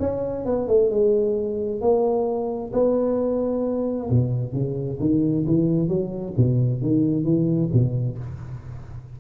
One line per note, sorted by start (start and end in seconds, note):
0.00 0.45 C#4
0.46 0.68 B3
0.68 0.90 A3
0.90 1.81 G#3
1.81 2.72 A#3
2.73 4.10 B3
4.10 4.53 B2
4.53 4.99 C#3
5.00 5.46 D#3
5.47 5.88 E3
5.88 6.34 F#3
6.37 6.82 B2
6.82 7.24 D#3
7.24 7.70 E3
7.73 8.19 B2